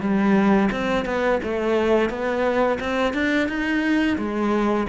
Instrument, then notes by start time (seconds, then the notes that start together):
cello
0.00 G3
0.71 C4
1.05 B3
1.43 A3
2.09 B3
2.80 C4
3.13 D4
3.48 D#4
4.18 G#3